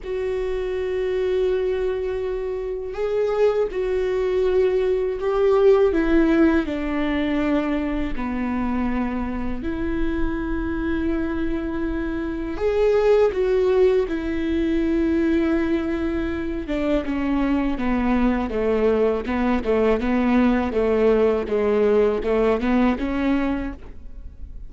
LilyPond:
\new Staff \with { instrumentName = "viola" } { \time 4/4 \tempo 4 = 81 fis'1 | gis'4 fis'2 g'4 | e'4 d'2 b4~ | b4 e'2.~ |
e'4 gis'4 fis'4 e'4~ | e'2~ e'8 d'8 cis'4 | b4 a4 b8 a8 b4 | a4 gis4 a8 b8 cis'4 | }